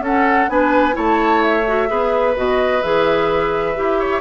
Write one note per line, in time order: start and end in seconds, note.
0.00 0.47 C#4
0.00 0.49 C#4
0.00 0.50 A4
0.00 0.50 F#5
0.49 0.95 B3
0.49 0.92 D4
0.49 0.96 B4
0.49 0.96 G#5
0.92 1.90 A3
0.92 1.62 E4
0.92 1.89 C#5
0.92 1.42 A5
1.42 2.35 E5
1.67 1.87 F#4
1.87 2.36 B3
1.87 2.34 G#4
1.87 3.99 B4
2.36 2.83 B2
2.36 2.83 F#4
2.36 2.82 D#5
2.82 3.77 E3
2.82 3.75 G#4
2.82 4.21 E5
3.75 4.21 E4
3.75 4.21 G4
3.99 4.21 C#5